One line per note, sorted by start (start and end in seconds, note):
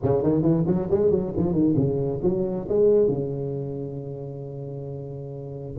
0.02 0.22 C#3
0.22 0.42 D#3
0.42 0.64 E3
0.66 0.88 F#3
0.90 1.11 G#3
1.11 1.33 F#3
1.37 1.52 F3
1.52 1.74 D#3
1.76 2.20 C#3
2.23 2.67 F#3
2.68 3.08 G#3
3.08 5.74 C#3